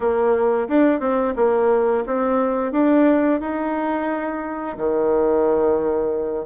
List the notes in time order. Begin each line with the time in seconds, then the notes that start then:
0.00 A#3
0.68 D4
0.99 C4
1.36 A#3
2.06 C4
2.72 D4
3.40 D#4
4.77 D#3